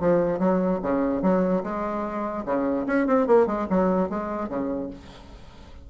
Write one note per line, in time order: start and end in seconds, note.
0.00 0.39 F3
0.39 0.80 F#3
0.82 1.22 C#3
1.22 1.63 F#3
1.64 2.45 G#3
2.46 2.86 C#3
2.87 3.07 C#4
3.07 3.27 C4
3.27 3.47 A#3
3.47 3.67 G#3
3.70 4.10 F#3
4.10 4.49 G#3
4.49 4.90 C#3